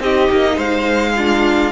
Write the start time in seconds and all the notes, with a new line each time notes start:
0.00 C4 D#4 G4 D#5
0.32 A#3
0.56 G#3 C5 F5
1.16 D4 F4